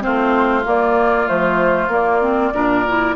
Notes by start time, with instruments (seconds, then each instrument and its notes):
0.00 bassoon A3, clarinet C4, oboe F4, flute C5
0.65 clarinet A#3, bassoon A#3, flute D5
1.26 bassoon F3, clarinet A3, flute C5
1.88 bassoon A#3, clarinet A#3, flute D5
2.21 clarinet C4
2.53 bassoon A#2, clarinet D4, oboe A#4
2.88 clarinet E4